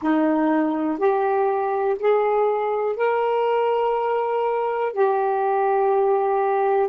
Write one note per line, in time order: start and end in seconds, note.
0.02 0.98 D#4
0.98 1.96 G4
1.99 2.96 G#4
2.96 4.92 A#4
4.92 6.89 G4